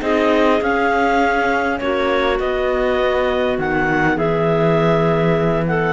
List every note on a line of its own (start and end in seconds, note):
0.00 0.60 C4
0.00 0.59 D#4
0.00 1.80 G#4
0.00 0.62 D#5
0.61 1.80 C#4
0.61 2.39 C#4
0.61 1.78 F5
1.78 2.39 A#3
1.78 4.15 F#4
1.78 2.37 C#5
2.39 5.93 B3
2.39 3.58 B3
2.39 3.58 D#5
3.58 4.17 D#3
3.58 4.17 F#5
4.15 5.93 E3
4.15 5.64 G#4
4.15 5.66 E5
5.66 5.93 A4
5.66 5.93 F#5